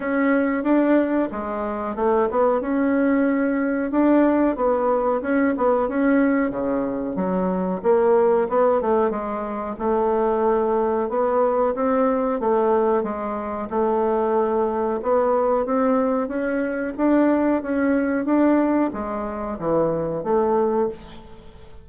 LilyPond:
\new Staff \with { instrumentName = "bassoon" } { \time 4/4 \tempo 4 = 92 cis'4 d'4 gis4 a8 b8 | cis'2 d'4 b4 | cis'8 b8 cis'4 cis4 fis4 | ais4 b8 a8 gis4 a4~ |
a4 b4 c'4 a4 | gis4 a2 b4 | c'4 cis'4 d'4 cis'4 | d'4 gis4 e4 a4 | }